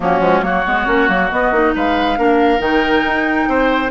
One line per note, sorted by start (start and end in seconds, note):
0.00 0.19 F#3
0.00 0.20 A#3
0.00 0.45 C#4
0.00 0.42 F#4
0.19 0.41 F3
0.19 0.42 G#3
0.41 0.63 F#3
0.41 0.64 A#3
0.41 1.75 F#4
0.41 1.29 C#5
0.66 0.86 G#3
0.66 0.86 B3
0.86 1.08 A#3
0.86 1.08 C#4
1.08 1.30 F#3
1.08 1.29 A#3
1.30 1.53 B3
1.30 1.51 B3
1.30 1.73 D#5
1.51 1.73 A#3
1.51 2.17 D#4
1.75 2.18 G#3
1.75 2.18 B4
1.75 2.60 F5
2.17 2.59 A#3
2.17 2.58 D4
2.17 3.48 A#4
2.58 3.03 D#3
2.58 3.88 D#4
2.58 3.91 G5
3.03 3.46 D#4
3.48 3.91 C4
3.48 3.91 C5